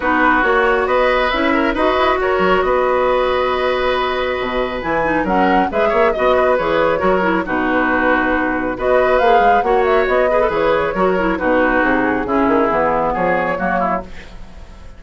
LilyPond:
<<
  \new Staff \with { instrumentName = "flute" } { \time 4/4 \tempo 4 = 137 b'4 cis''4 dis''4 e''4 | dis''4 cis''4 dis''2~ | dis''2. gis''4 | fis''4 e''4 dis''4 cis''4~ |
cis''4 b'2. | dis''4 f''4 fis''8 e''8 dis''4 | cis''2 b'4 gis'4~ | gis'2 cis''2 | }
  \new Staff \with { instrumentName = "oboe" } { \time 4/4 fis'2 b'4. ais'8 | b'4 ais'4 b'2~ | b'1 | ais'4 b'8 cis''8 dis''8 b'4. |
ais'4 fis'2. | b'2 cis''4. b'8~ | b'4 ais'4 fis'2 | e'2 gis'4 fis'8 e'8 | }
  \new Staff \with { instrumentName = "clarinet" } { \time 4/4 dis'4 fis'2 e'4 | fis'1~ | fis'2. e'8 dis'8 | cis'4 gis'4 fis'4 gis'4 |
fis'8 e'8 dis'2. | fis'4 gis'4 fis'4. gis'16 a'16 | gis'4 fis'8 e'8 dis'2 | cis'4 b2 ais4 | }
  \new Staff \with { instrumentName = "bassoon" } { \time 4/4 b4 ais4 b4 cis'4 | dis'8 e'8 fis'8 fis8 b2~ | b2 b,4 e4 | fis4 gis8 ais8 b4 e4 |
fis4 b,2. | b4 ais8 gis8 ais4 b4 | e4 fis4 b,4 c4 | cis8 dis8 e4 f4 fis4 | }
>>